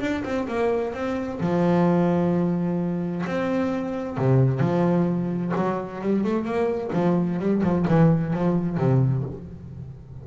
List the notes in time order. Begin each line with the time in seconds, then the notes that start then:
0.00 D4
0.24 C4
0.48 A#3
0.94 C4
1.40 F3
3.26 C4
4.18 C3
4.60 F3
5.56 F#3
6.01 G3
6.24 A3
6.45 A#3
6.93 F3
7.39 G3
7.63 F3
7.88 E3
8.33 F3
8.78 C3